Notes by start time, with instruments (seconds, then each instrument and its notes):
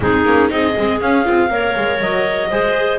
0.00 double bass G#3, viola C4, clarinet D#4 G#4
0.24 double bass A#3, viola C#4
0.49 double bass C4, viola D#4, clarinet G#4 D#5
0.77 double bass G#3, viola C4
1.00 viola C#4, double bass C#4, clarinet F5
1.24 double bass C4, viola F4
1.49 double bass A#3, viola A#4, clarinet C#5
1.76 double bass G#3
2.00 double bass F#3, clarinet D#5
2.50 double bass G#3, viola G#4, clarinet C5